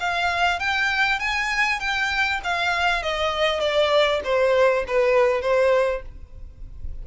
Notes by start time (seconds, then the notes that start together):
0.00 F5
0.60 G5
1.20 G#5
1.80 G5
2.44 F5
3.03 D#5
3.61 D5
4.25 C5
4.88 B4
5.42 C5